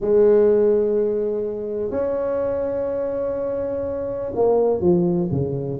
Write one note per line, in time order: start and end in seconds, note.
0.00 1.90 G#3
1.90 4.32 C#4
4.35 4.80 A#3
4.80 5.29 F3
5.31 5.79 C#3